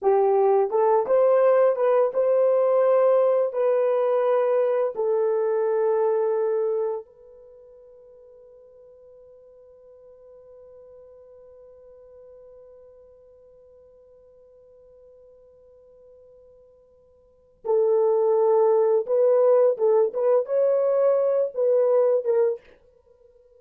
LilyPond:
\new Staff \with { instrumentName = "horn" } { \time 4/4 \tempo 4 = 85 g'4 a'8 c''4 b'8 c''4~ | c''4 b'2 a'4~ | a'2 b'2~ | b'1~ |
b'1~ | b'1~ | b'4 a'2 b'4 | a'8 b'8 cis''4. b'4 ais'8 | }